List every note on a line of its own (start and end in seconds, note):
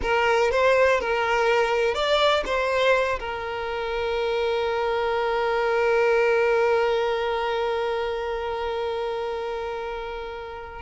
0.02 0.51 A#4
0.51 1.00 C5
1.00 1.94 A#4
1.94 2.43 D5
2.45 3.19 C5
3.19 10.81 A#4